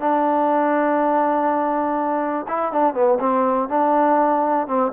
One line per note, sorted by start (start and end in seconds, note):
0.00 2.46 D4
2.48 2.73 E4
2.73 2.94 D4
2.94 3.19 B3
3.20 3.69 C4
3.69 4.67 D4
4.67 4.92 C4